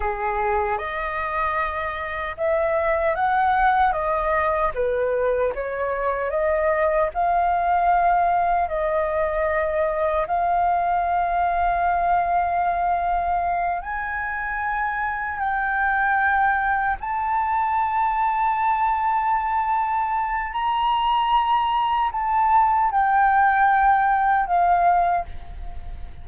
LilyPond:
\new Staff \with { instrumentName = "flute" } { \time 4/4 \tempo 4 = 76 gis'4 dis''2 e''4 | fis''4 dis''4 b'4 cis''4 | dis''4 f''2 dis''4~ | dis''4 f''2.~ |
f''4. gis''2 g''8~ | g''4. a''2~ a''8~ | a''2 ais''2 | a''4 g''2 f''4 | }